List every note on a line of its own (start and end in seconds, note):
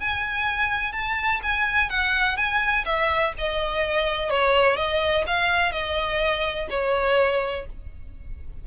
0.00 0.92 G#5
0.92 1.40 A5
1.43 1.90 G#5
1.90 2.37 F#5
2.37 2.85 G#5
2.85 3.33 E5
3.38 4.30 D#5
4.30 4.77 C#5
4.77 5.25 D#5
5.27 5.72 F5
5.72 6.68 D#5
6.70 7.66 C#5